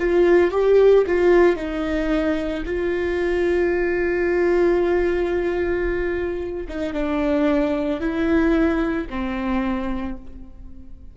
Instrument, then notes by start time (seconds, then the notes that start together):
viola
0.00 F4
0.52 G4
1.08 F4
1.56 D#4
2.66 F4
6.69 D#4
6.94 D4
8.01 E4
9.10 C4